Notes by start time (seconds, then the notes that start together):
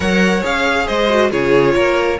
0.00 F#3 A#4 C#5 F#5
0.41 C#4 G#4 F5
0.86 G#3 C5 D#5
1.09 F#4
1.30 C#3 F4 G#4 C#5
1.75 A#3 A#4